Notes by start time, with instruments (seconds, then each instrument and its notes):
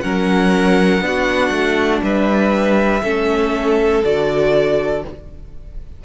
0.00 cello F#3, viola C#4, violin A#4 F#5
1.01 cello B3, viola D4, violin F#4
1.51 cello A3
2.02 cello G3, violin B4 E5
3.02 cello A3, viola C#4, violin A4
4.04 cello D3, viola F#4, violin D5